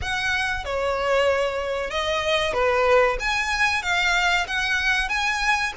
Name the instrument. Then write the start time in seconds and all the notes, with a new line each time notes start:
violin
0.01 F#5
0.64 C#5
1.90 D#5
2.53 B4
3.19 G#5
3.82 F5
4.47 F#5
5.09 G#5